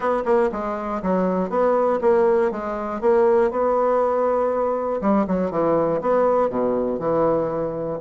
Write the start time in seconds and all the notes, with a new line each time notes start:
0.00 B3
0.25 A#3
0.52 G#3
1.02 F#3
1.49 B3
2.01 A#3
2.51 G#3
3.00 A#3
3.50 B3
5.01 G3
5.27 F#3
5.50 E3
6.01 B3
6.49 B2
6.99 E3